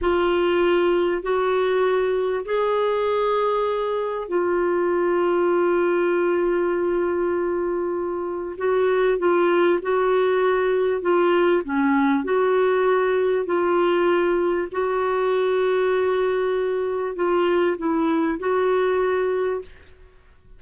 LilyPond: \new Staff \with { instrumentName = "clarinet" } { \time 4/4 \tempo 4 = 98 f'2 fis'2 | gis'2. f'4~ | f'1~ | f'2 fis'4 f'4 |
fis'2 f'4 cis'4 | fis'2 f'2 | fis'1 | f'4 e'4 fis'2 | }